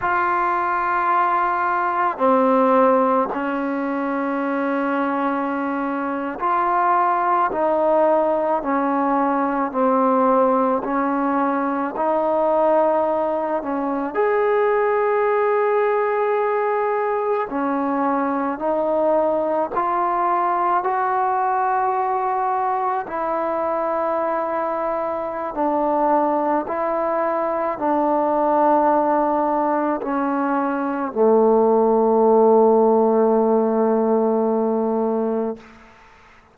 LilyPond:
\new Staff \with { instrumentName = "trombone" } { \time 4/4 \tempo 4 = 54 f'2 c'4 cis'4~ | cis'4.~ cis'16 f'4 dis'4 cis'16~ | cis'8. c'4 cis'4 dis'4~ dis'16~ | dis'16 cis'8 gis'2. cis'16~ |
cis'8. dis'4 f'4 fis'4~ fis'16~ | fis'8. e'2~ e'16 d'4 | e'4 d'2 cis'4 | a1 | }